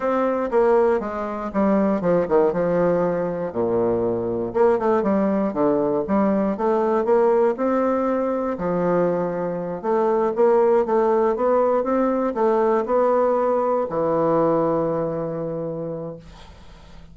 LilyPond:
\new Staff \with { instrumentName = "bassoon" } { \time 4/4 \tempo 4 = 119 c'4 ais4 gis4 g4 | f8 dis8 f2 ais,4~ | ais,4 ais8 a8 g4 d4 | g4 a4 ais4 c'4~ |
c'4 f2~ f8 a8~ | a8 ais4 a4 b4 c'8~ | c'8 a4 b2 e8~ | e1 | }